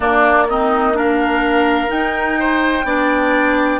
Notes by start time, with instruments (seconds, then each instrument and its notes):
0.00 clarinet A#3, bassoon A#3, oboe D4, flute D5
0.49 clarinet C4, oboe D#4, flute D#5
0.93 clarinet D4, oboe A#4, flute F5
1.87 clarinet D#4, bassoon D#4, flute G5
2.39 oboe C5
2.84 bassoon B3, clarinet D4, oboe D5